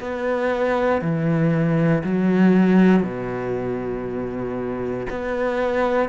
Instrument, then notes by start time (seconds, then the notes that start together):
cello
0.00 B3
1.02 E3
2.04 F#3
3.03 B2
5.10 B3